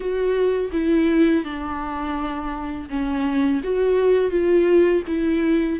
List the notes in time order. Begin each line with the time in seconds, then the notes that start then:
0.00 F#4
0.72 E4
1.44 D4
2.89 C#4
3.63 F#4
4.30 F4
5.07 E4